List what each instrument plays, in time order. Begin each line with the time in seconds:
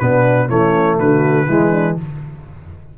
0.00 tuba B2, trombone B3, horn D4, trumpet B4
0.48 tuba E3, trombone A3, horn C#4, trumpet C#5
0.99 tuba D3, horn F#4, trumpet B4
1.47 tuba E3, trombone G#3, horn E4
1.71 horn D4